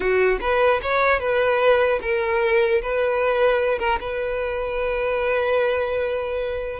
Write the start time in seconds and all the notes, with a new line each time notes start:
0.00 F#4
0.41 B4
0.82 C#5
1.19 B4
2.01 A#4
2.82 B4
3.78 A#4
4.00 B4